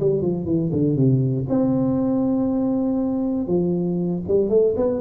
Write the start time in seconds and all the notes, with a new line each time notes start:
0.00 G3
0.22 F3
0.45 E3
0.72 D3
0.96 C3
1.49 C4
3.47 F3
4.28 G3
4.49 A3
4.76 B3